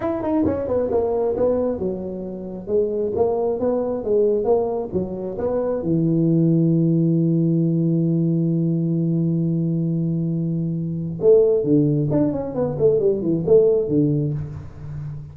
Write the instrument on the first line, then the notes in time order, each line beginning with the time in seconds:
tuba
0.00 E4
0.22 D#4
0.45 C#4
0.67 B3
0.91 A#3
1.36 B3
1.78 F#3
2.67 G#3
3.15 A#3
3.59 B3
4.04 G#3
4.44 A#3
4.92 F#3
5.38 B3
5.82 E3
11.21 A3
11.63 D3
12.10 D4
12.32 C#4
12.54 B3
12.78 A3
12.99 G3
13.21 E3
13.46 A3
13.88 D3